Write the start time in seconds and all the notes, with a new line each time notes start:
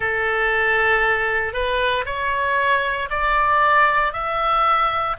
0.00 A4
1.53 B4
2.05 C#5
3.09 D5
4.12 E5